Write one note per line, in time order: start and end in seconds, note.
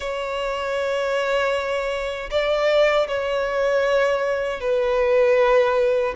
0.00 2.29 C#5
2.30 3.07 D5
3.07 4.60 C#5
4.60 6.14 B4